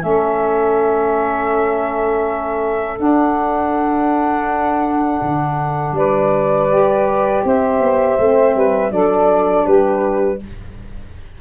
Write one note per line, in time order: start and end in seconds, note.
0.00 3.00 A3
0.00 2.96 C#4
0.00 5.96 A4
0.00 2.99 E5
2.98 6.68 D4
2.98 5.22 D4
2.98 5.96 F#5
5.22 5.92 D3
5.92 7.40 G3
5.92 7.45 B4
5.92 7.44 D5
6.71 8.19 G4
7.45 7.80 C4
7.45 8.56 C5
7.45 8.92 E5
7.80 8.17 B3
8.19 8.56 A3
8.19 8.91 C4
8.56 8.91 G3
8.56 8.93 B4
8.91 9.65 F#3
8.91 10.39 D4
8.91 9.65 A4
8.91 9.67 D5
9.65 10.41 G3
9.65 10.39 G4
9.65 10.41 B4